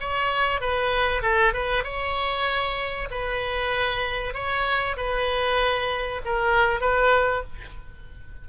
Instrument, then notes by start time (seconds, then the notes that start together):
oboe
0.00 C#5
0.61 B4
1.22 A4
1.53 B4
1.84 C#5
3.10 B4
4.34 C#5
4.96 B4
6.25 A#4
6.80 B4